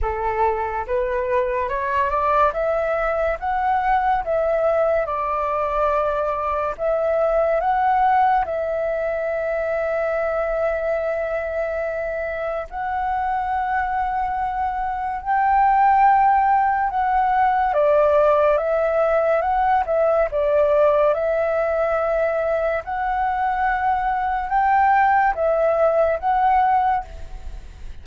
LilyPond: \new Staff \with { instrumentName = "flute" } { \time 4/4 \tempo 4 = 71 a'4 b'4 cis''8 d''8 e''4 | fis''4 e''4 d''2 | e''4 fis''4 e''2~ | e''2. fis''4~ |
fis''2 g''2 | fis''4 d''4 e''4 fis''8 e''8 | d''4 e''2 fis''4~ | fis''4 g''4 e''4 fis''4 | }